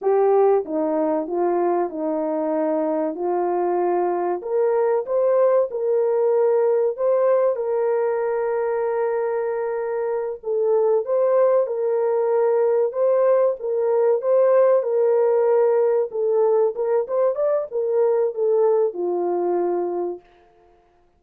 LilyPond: \new Staff \with { instrumentName = "horn" } { \time 4/4 \tempo 4 = 95 g'4 dis'4 f'4 dis'4~ | dis'4 f'2 ais'4 | c''4 ais'2 c''4 | ais'1~ |
ais'8 a'4 c''4 ais'4.~ | ais'8 c''4 ais'4 c''4 ais'8~ | ais'4. a'4 ais'8 c''8 d''8 | ais'4 a'4 f'2 | }